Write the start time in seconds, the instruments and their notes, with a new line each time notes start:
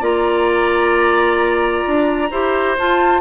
0.00 bassoon A#3, clarinet F4, oboe D5, flute A#5
1.87 bassoon D4
2.31 bassoon E4, clarinet G4, oboe C5
2.78 clarinet F4, bassoon F4, flute A5